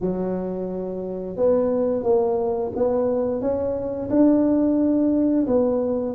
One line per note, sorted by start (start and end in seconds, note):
0.00 1.36 F#3
1.36 2.03 B3
2.03 2.71 A#3
2.75 3.41 B3
3.41 4.09 C#4
4.10 5.46 D4
5.46 6.15 B3